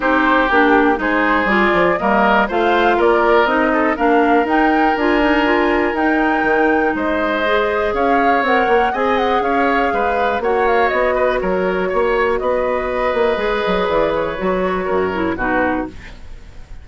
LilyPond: <<
  \new Staff \with { instrumentName = "flute" } { \time 4/4 \tempo 4 = 121 c''4 g'4 c''4 d''4 | dis''4 f''4 d''4 dis''4 | f''4 g''4 gis''2 | g''2 dis''2 |
f''4 fis''4 gis''8 fis''8 f''4~ | f''4 fis''8 f''8 dis''4 cis''4~ | cis''4 dis''2. | d''8 cis''2~ cis''8 b'4 | }
  \new Staff \with { instrumentName = "oboe" } { \time 4/4 g'2 gis'2 | ais'4 c''4 ais'4. a'8 | ais'1~ | ais'2 c''2 |
cis''2 dis''4 cis''4 | b'4 cis''4. b'8 ais'4 | cis''4 b'2.~ | b'2 ais'4 fis'4 | }
  \new Staff \with { instrumentName = "clarinet" } { \time 4/4 dis'4 d'4 dis'4 f'4 | ais4 f'2 dis'4 | d'4 dis'4 f'8 dis'8 f'4 | dis'2. gis'4~ |
gis'4 ais'4 gis'2~ | gis'4 fis'2.~ | fis'2. gis'4~ | gis'4 fis'4. e'8 dis'4 | }
  \new Staff \with { instrumentName = "bassoon" } { \time 4/4 c'4 ais4 gis4 g8 f8 | g4 a4 ais4 c'4 | ais4 dis'4 d'2 | dis'4 dis4 gis2 |
cis'4 c'8 ais8 c'4 cis'4 | gis4 ais4 b4 fis4 | ais4 b4. ais8 gis8 fis8 | e4 fis4 fis,4 b,4 | }
>>